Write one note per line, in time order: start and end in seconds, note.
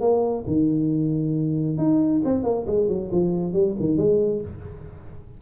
0.00 0.44 A#3
0.47 1.77 D#3
1.77 2.21 D#4
2.24 2.43 C4
2.43 2.66 A#3
2.67 2.88 G#3
2.88 3.10 F#3
3.11 3.53 F3
3.53 3.75 G3
3.79 3.97 D#3
3.97 4.41 G#3